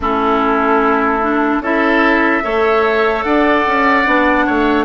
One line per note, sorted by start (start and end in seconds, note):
0.00 1.60 A3
0.00 1.22 C#4
0.00 1.62 E4
0.00 1.63 A4
1.22 1.62 D4
1.60 2.41 C#4
1.60 2.42 E4
1.60 2.43 A4
1.60 3.23 E5
2.42 3.24 A3
2.42 4.04 A4
2.42 3.25 C#5
3.23 3.65 D4
3.23 4.45 D5
3.23 4.85 F#5
3.66 4.06 C#4
4.05 4.46 B3
4.05 4.85 D4
4.45 4.85 A3
4.45 4.85 C#5